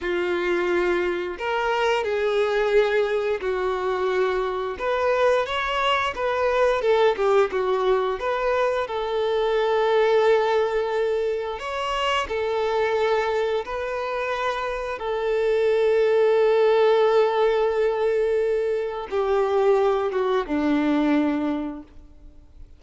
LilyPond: \new Staff \with { instrumentName = "violin" } { \time 4/4 \tempo 4 = 88 f'2 ais'4 gis'4~ | gis'4 fis'2 b'4 | cis''4 b'4 a'8 g'8 fis'4 | b'4 a'2.~ |
a'4 cis''4 a'2 | b'2 a'2~ | a'1 | g'4. fis'8 d'2 | }